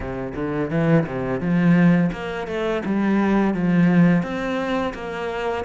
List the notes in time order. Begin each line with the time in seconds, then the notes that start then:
0.00 C3
0.35 D3
0.70 E3
1.06 C3
1.40 F3
2.12 A#3
2.47 A3
2.85 G3
3.54 F3
4.22 C4
4.93 A#3